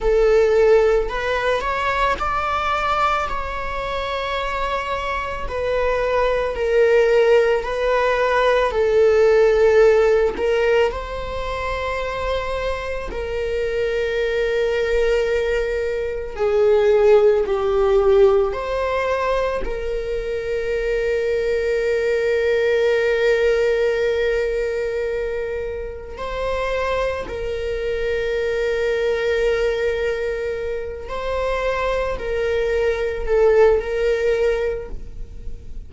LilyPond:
\new Staff \with { instrumentName = "viola" } { \time 4/4 \tempo 4 = 55 a'4 b'8 cis''8 d''4 cis''4~ | cis''4 b'4 ais'4 b'4 | a'4. ais'8 c''2 | ais'2. gis'4 |
g'4 c''4 ais'2~ | ais'1 | c''4 ais'2.~ | ais'8 c''4 ais'4 a'8 ais'4 | }